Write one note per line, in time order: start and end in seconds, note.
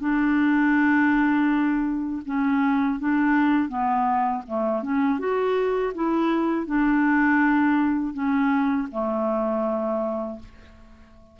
0.00 2.22 D4
2.25 2.99 C#4
2.99 3.69 D4
3.69 4.43 B3
4.47 4.82 A3
4.82 5.19 C#4
5.19 5.93 F#4
5.95 6.66 E4
6.66 8.13 D4
8.13 8.88 C#4
8.91 10.39 A3